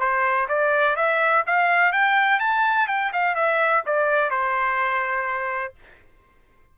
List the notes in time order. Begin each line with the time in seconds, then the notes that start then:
0.00 C5
0.49 D5
0.96 E5
1.47 F5
1.93 G5
2.40 A5
2.88 G5
3.13 F5
3.35 E5
3.86 D5
4.31 C5